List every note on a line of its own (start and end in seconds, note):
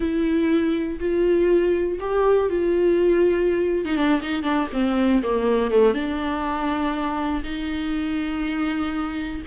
0.00 0.99 E4
0.99 1.98 F4
2.00 2.49 G4
2.49 3.85 F4
3.85 3.96 D#4
3.96 4.20 D4
4.22 4.42 D#4
4.42 4.67 D4
4.72 5.22 C4
5.22 5.70 A#3
5.70 5.94 A3
5.94 7.42 D4
7.43 9.42 D#4